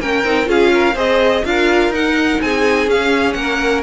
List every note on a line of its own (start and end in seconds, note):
0.00 0.24 A#3
0.00 0.24 C#4
0.00 0.48 A#4
0.00 0.48 G5
0.24 0.48 C4
0.24 0.45 D#4
0.45 0.94 C#4
0.45 0.93 F4
0.45 0.72 G#4
0.45 0.97 F5
0.73 0.95 A#4
0.94 1.42 C4
0.94 1.43 G#4
0.94 1.43 C5
0.94 1.45 D#5
1.44 1.89 D4
1.44 1.93 F4
1.44 2.43 A#4
1.44 1.93 F5
1.89 2.37 D#4
1.89 2.88 D#4
1.89 2.41 F#5
2.41 2.86 C4
2.41 3.36 G#4
2.41 2.89 G#5
2.86 3.34 C#4
2.86 3.83 C#4
2.86 3.33 F5
3.33 3.83 A#3
3.33 3.83 A#4
3.33 3.81 F#5